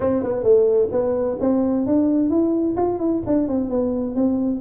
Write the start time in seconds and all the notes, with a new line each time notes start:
0.00 C4
0.23 B3
0.43 A3
0.91 B3
1.40 C4
1.86 D4
2.29 E4
2.76 F4
2.99 E4
3.26 D4
3.48 C4
3.69 B3
4.15 C4